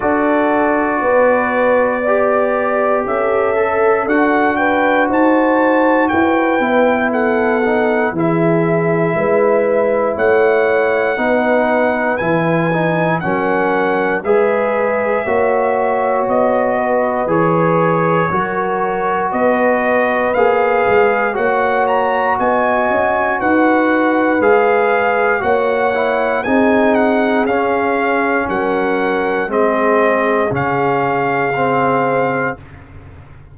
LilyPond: <<
  \new Staff \with { instrumentName = "trumpet" } { \time 4/4 \tempo 4 = 59 d''2. e''4 | fis''8 g''8 a''4 g''4 fis''4 | e''2 fis''2 | gis''4 fis''4 e''2 |
dis''4 cis''2 dis''4 | f''4 fis''8 ais''8 gis''4 fis''4 | f''4 fis''4 gis''8 fis''8 f''4 | fis''4 dis''4 f''2 | }
  \new Staff \with { instrumentName = "horn" } { \time 4/4 a'4 b'4 d''4 a'4~ | a'8 b'8 c''4 b'4 a'4 | gis'4 b'4 cis''4 b'4~ | b'4 ais'4 b'4 cis''4~ |
cis''8 b'4. ais'4 b'4~ | b'4 cis''4 dis''4 b'4~ | b'4 cis''4 gis'2 | ais'4 gis'2. | }
  \new Staff \with { instrumentName = "trombone" } { \time 4/4 fis'2 g'4. a'8 | fis'2~ fis'8 e'4 dis'8 | e'2. dis'4 | e'8 dis'8 cis'4 gis'4 fis'4~ |
fis'4 gis'4 fis'2 | gis'4 fis'2. | gis'4 fis'8 e'8 dis'4 cis'4~ | cis'4 c'4 cis'4 c'4 | }
  \new Staff \with { instrumentName = "tuba" } { \time 4/4 d'4 b2 cis'4 | d'4 dis'4 e'8 b4. | e4 gis4 a4 b4 | e4 fis4 gis4 ais4 |
b4 e4 fis4 b4 | ais8 gis8 ais4 b8 cis'8 dis'4 | gis4 ais4 c'4 cis'4 | fis4 gis4 cis2 | }
>>